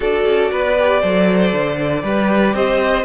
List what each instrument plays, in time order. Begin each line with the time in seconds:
0.00 cello D4, viola F#4, violin A4 D5
0.25 cello C#4
0.51 cello B3, violin B4
0.78 viola G4
1.00 cello F#3, viola A4, violin C5
1.53 cello D3
2.03 cello G3, viola G4, violin B4
2.54 cello C4, violin C5 D#5